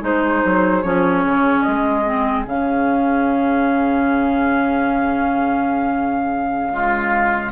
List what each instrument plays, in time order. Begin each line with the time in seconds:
0.00 bassoon G#3, clarinet D#4, oboe G#4, flute C5
0.45 bassoon F#3
0.83 bassoon F3, clarinet C#4, flute C#5
1.24 bassoon C#3
1.62 bassoon G#3, flute D#5
2.05 clarinet C4
2.45 bassoon C#3, clarinet C#4, flute F5
6.71 clarinet G#3, oboe F4